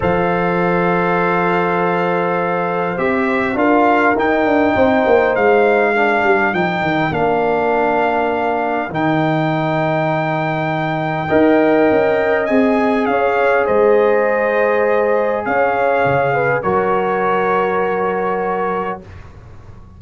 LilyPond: <<
  \new Staff \with { instrumentName = "trumpet" } { \time 4/4 \tempo 4 = 101 f''1~ | f''4 e''4 f''4 g''4~ | g''4 f''2 g''4 | f''2. g''4~ |
g''1~ | g''4 gis''4 f''4 dis''4~ | dis''2 f''2 | cis''1 | }
  \new Staff \with { instrumentName = "horn" } { \time 4/4 c''1~ | c''2 ais'2 | c''2 ais'2~ | ais'1~ |
ais'2. dis''4~ | dis''2 cis''4 c''4~ | c''2 cis''4. b'8 | ais'1 | }
  \new Staff \with { instrumentName = "trombone" } { \time 4/4 a'1~ | a'4 g'4 f'4 dis'4~ | dis'2 d'4 dis'4 | d'2. dis'4~ |
dis'2. ais'4~ | ais'4 gis'2.~ | gis'1 | fis'1 | }
  \new Staff \with { instrumentName = "tuba" } { \time 4/4 f1~ | f4 c'4 d'4 dis'8 d'8 | c'8 ais8 gis4. g8 f8 dis8 | ais2. dis4~ |
dis2. dis'4 | cis'4 c'4 cis'4 gis4~ | gis2 cis'4 cis4 | fis1 | }
>>